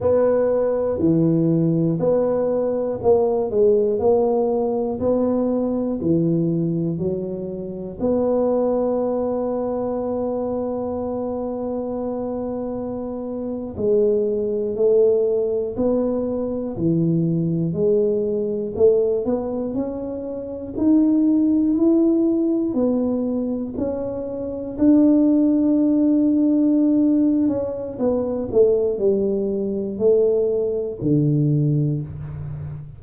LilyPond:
\new Staff \with { instrumentName = "tuba" } { \time 4/4 \tempo 4 = 60 b4 e4 b4 ais8 gis8 | ais4 b4 e4 fis4 | b1~ | b4.~ b16 gis4 a4 b16~ |
b8. e4 gis4 a8 b8 cis'16~ | cis'8. dis'4 e'4 b4 cis'16~ | cis'8. d'2~ d'8. cis'8 | b8 a8 g4 a4 d4 | }